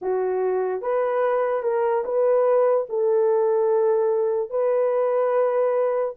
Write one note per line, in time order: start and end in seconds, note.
0.01 0.81 F#4
0.81 1.63 B4
1.63 2.04 A#4
2.04 2.87 B4
2.89 4.49 A4
4.49 6.14 B4